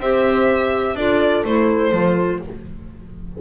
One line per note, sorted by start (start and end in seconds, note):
0.00 0.95 C4
0.00 0.98 G4
0.00 0.97 C5
0.00 0.96 E5
0.95 1.43 D4
0.95 1.46 F4
0.95 2.41 A4
0.95 1.44 D5
1.45 1.92 A3
1.45 1.93 E4
1.45 2.42 C5
1.92 2.40 F3
1.92 2.41 F4